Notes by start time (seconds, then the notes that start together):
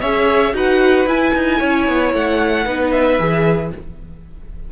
0.00 C#4 G#4 C#5 E5
0.52 D#4 F#4 B4 F#5
1.06 E4 G#5
1.34 D#4
1.59 C#4 C#5
1.88 B3
2.13 A3 F#5
2.65 B3 D#4 B4
2.91 E5
3.19 E3 G#4